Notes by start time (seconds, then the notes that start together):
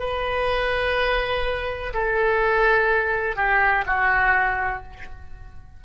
0.00 B4
1.94 A4
3.36 G4
3.87 F#4